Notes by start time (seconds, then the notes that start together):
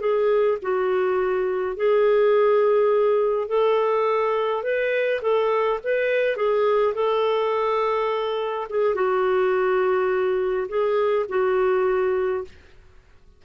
0.00 G#4
0.62 F#4
1.76 G#4
3.48 A4
4.63 B4
5.22 A4
5.83 B4
6.36 G#4
6.94 A4
8.70 G#4
8.95 F#4
10.68 G#4
11.29 F#4